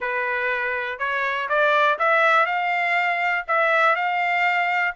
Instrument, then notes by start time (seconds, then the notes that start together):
trumpet
0.00 B4
0.98 C#5
1.49 D5
1.99 E5
2.45 F5
3.47 E5
3.95 F5